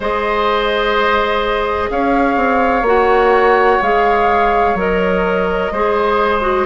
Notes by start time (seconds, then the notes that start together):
0.00 G#3 G#4 C5 D#5
1.90 C#4 C#5 F5
2.36 C4
2.82 A#3 F#4 F#5
3.81 G#3 G#4 F5
4.74 F#3 A#4 D#5
5.71 G#3 G#4 C5
6.41 F#4